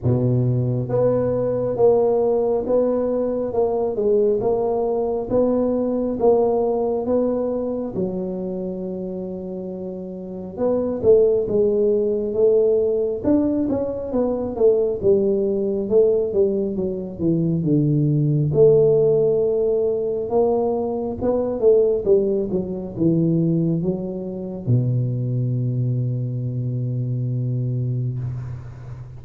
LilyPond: \new Staff \with { instrumentName = "tuba" } { \time 4/4 \tempo 4 = 68 b,4 b4 ais4 b4 | ais8 gis8 ais4 b4 ais4 | b4 fis2. | b8 a8 gis4 a4 d'8 cis'8 |
b8 a8 g4 a8 g8 fis8 e8 | d4 a2 ais4 | b8 a8 g8 fis8 e4 fis4 | b,1 | }